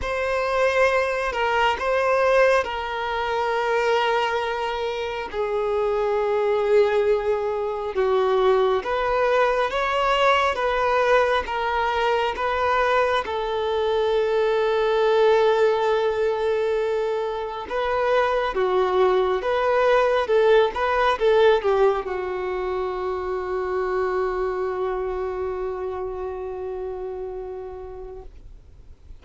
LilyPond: \new Staff \with { instrumentName = "violin" } { \time 4/4 \tempo 4 = 68 c''4. ais'8 c''4 ais'4~ | ais'2 gis'2~ | gis'4 fis'4 b'4 cis''4 | b'4 ais'4 b'4 a'4~ |
a'1 | b'4 fis'4 b'4 a'8 b'8 | a'8 g'8 fis'2.~ | fis'1 | }